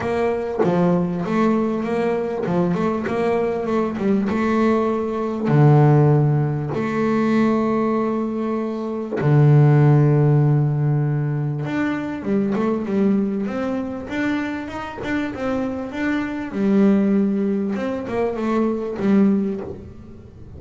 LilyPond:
\new Staff \with { instrumentName = "double bass" } { \time 4/4 \tempo 4 = 98 ais4 f4 a4 ais4 | f8 a8 ais4 a8 g8 a4~ | a4 d2 a4~ | a2. d4~ |
d2. d'4 | g8 a8 g4 c'4 d'4 | dis'8 d'8 c'4 d'4 g4~ | g4 c'8 ais8 a4 g4 | }